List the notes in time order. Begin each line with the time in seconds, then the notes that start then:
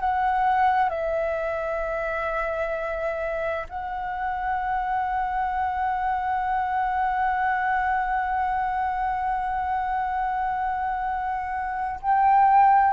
0.00 F#5
0.89 E5
3.69 F#5
12.02 G5